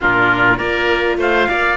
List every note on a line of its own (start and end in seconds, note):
0.00 0.59 A#2
0.00 0.59 D4
0.00 0.57 F4
0.00 0.57 A#4
0.57 1.17 A#3
0.57 1.76 F4
0.57 1.17 A#4
0.57 1.17 D5
1.17 1.47 A3
1.17 1.48 C5
1.17 1.76 F5
1.48 1.76 A#3
1.48 1.76 D5